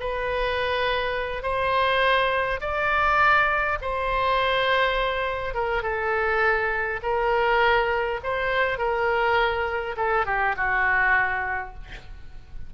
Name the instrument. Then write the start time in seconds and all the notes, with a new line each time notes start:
oboe
0.00 B4
1.43 C5
2.61 D5
3.82 C5
5.55 A#4
5.83 A4
7.03 A#4
8.24 C5
8.79 A#4
9.97 A4
10.26 G4
10.57 F#4